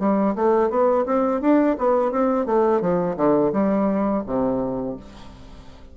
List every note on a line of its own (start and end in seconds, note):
0.00 0.35 G3
0.36 0.70 A3
0.70 1.06 B3
1.07 1.42 C4
1.42 1.77 D4
1.79 2.12 B3
2.12 2.46 C4
2.46 2.81 A3
2.81 3.17 F3
3.17 3.53 D3
3.53 4.24 G3
4.27 4.97 C3